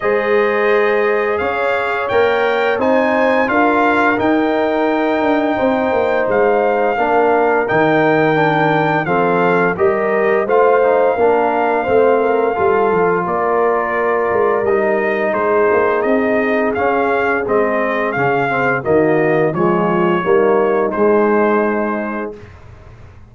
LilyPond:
<<
  \new Staff \with { instrumentName = "trumpet" } { \time 4/4 \tempo 4 = 86 dis''2 f''4 g''4 | gis''4 f''4 g''2~ | g''4 f''2 g''4~ | g''4 f''4 dis''4 f''4~ |
f''2. d''4~ | d''4 dis''4 c''4 dis''4 | f''4 dis''4 f''4 dis''4 | cis''2 c''2 | }
  \new Staff \with { instrumentName = "horn" } { \time 4/4 c''2 cis''2 | c''4 ais'2. | c''2 ais'2~ | ais'4 a'4 ais'4 c''4 |
ais'4 c''8 ais'8 a'4 ais'4~ | ais'2 gis'2~ | gis'2. fis'4 | f'4 dis'2. | }
  \new Staff \with { instrumentName = "trombone" } { \time 4/4 gis'2. ais'4 | dis'4 f'4 dis'2~ | dis'2 d'4 dis'4 | d'4 c'4 g'4 f'8 dis'8 |
d'4 c'4 f'2~ | f'4 dis'2. | cis'4 c'4 cis'8 c'8 ais4 | gis4 ais4 gis2 | }
  \new Staff \with { instrumentName = "tuba" } { \time 4/4 gis2 cis'4 ais4 | c'4 d'4 dis'4. d'8 | c'8 ais8 gis4 ais4 dis4~ | dis4 f4 g4 a4 |
ais4 a4 g8 f8 ais4~ | ais8 gis8 g4 gis8 ais8 c'4 | cis'4 gis4 cis4 dis4 | f4 g4 gis2 | }
>>